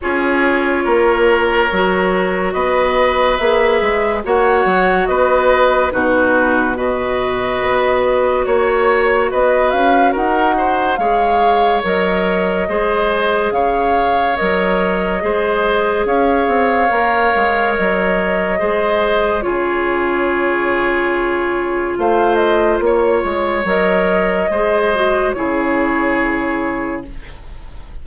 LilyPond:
<<
  \new Staff \with { instrumentName = "flute" } { \time 4/4 \tempo 4 = 71 cis''2. dis''4 | e''4 fis''4 dis''4 b'4 | dis''2 cis''4 dis''8 f''8 | fis''4 f''4 dis''2 |
f''4 dis''2 f''4~ | f''4 dis''2 cis''4~ | cis''2 f''8 dis''8 cis''4 | dis''2 cis''2 | }
  \new Staff \with { instrumentName = "oboe" } { \time 4/4 gis'4 ais'2 b'4~ | b'4 cis''4 b'4 fis'4 | b'2 cis''4 b'4 | ais'8 c''8 cis''2 c''4 |
cis''2 c''4 cis''4~ | cis''2 c''4 gis'4~ | gis'2 c''4 cis''4~ | cis''4 c''4 gis'2 | }
  \new Staff \with { instrumentName = "clarinet" } { \time 4/4 f'2 fis'2 | gis'4 fis'2 dis'4 | fis'1~ | fis'4 gis'4 ais'4 gis'4~ |
gis'4 ais'4 gis'2 | ais'2 gis'4 f'4~ | f'1 | ais'4 gis'8 fis'8 e'2 | }
  \new Staff \with { instrumentName = "bassoon" } { \time 4/4 cis'4 ais4 fis4 b4 | ais8 gis8 ais8 fis8 b4 b,4~ | b,4 b4 ais4 b8 cis'8 | dis'4 gis4 fis4 gis4 |
cis4 fis4 gis4 cis'8 c'8 | ais8 gis8 fis4 gis4 cis4~ | cis2 a4 ais8 gis8 | fis4 gis4 cis2 | }
>>